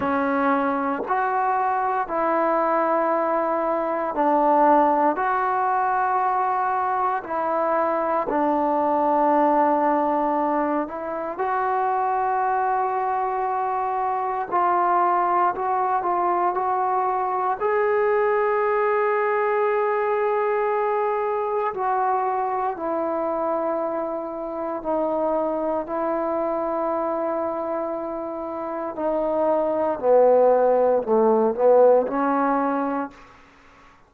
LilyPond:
\new Staff \with { instrumentName = "trombone" } { \time 4/4 \tempo 4 = 58 cis'4 fis'4 e'2 | d'4 fis'2 e'4 | d'2~ d'8 e'8 fis'4~ | fis'2 f'4 fis'8 f'8 |
fis'4 gis'2.~ | gis'4 fis'4 e'2 | dis'4 e'2. | dis'4 b4 a8 b8 cis'4 | }